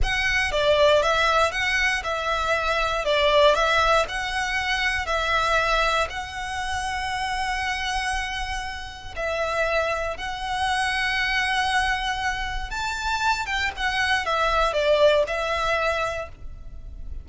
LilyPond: \new Staff \with { instrumentName = "violin" } { \time 4/4 \tempo 4 = 118 fis''4 d''4 e''4 fis''4 | e''2 d''4 e''4 | fis''2 e''2 | fis''1~ |
fis''2 e''2 | fis''1~ | fis''4 a''4. g''8 fis''4 | e''4 d''4 e''2 | }